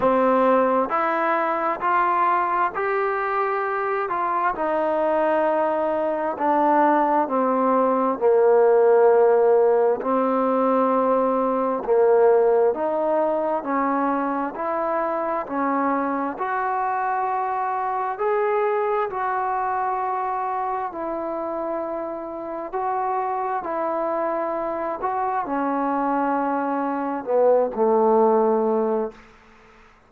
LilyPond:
\new Staff \with { instrumentName = "trombone" } { \time 4/4 \tempo 4 = 66 c'4 e'4 f'4 g'4~ | g'8 f'8 dis'2 d'4 | c'4 ais2 c'4~ | c'4 ais4 dis'4 cis'4 |
e'4 cis'4 fis'2 | gis'4 fis'2 e'4~ | e'4 fis'4 e'4. fis'8 | cis'2 b8 a4. | }